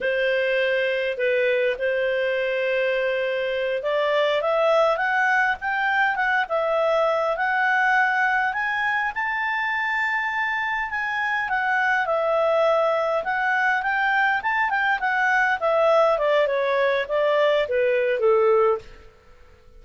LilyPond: \new Staff \with { instrumentName = "clarinet" } { \time 4/4 \tempo 4 = 102 c''2 b'4 c''4~ | c''2~ c''8 d''4 e''8~ | e''8 fis''4 g''4 fis''8 e''4~ | e''8 fis''2 gis''4 a''8~ |
a''2~ a''8 gis''4 fis''8~ | fis''8 e''2 fis''4 g''8~ | g''8 a''8 g''8 fis''4 e''4 d''8 | cis''4 d''4 b'4 a'4 | }